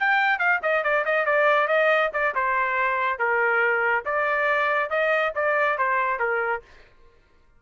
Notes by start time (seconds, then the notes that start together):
0.00 G5
0.39 F5
0.63 D#5
0.84 D5
1.06 D#5
1.26 D5
1.68 D#5
2.14 D5
2.35 C5
3.19 A#4
4.06 D5
4.90 D#5
5.36 D5
5.78 C5
6.19 A#4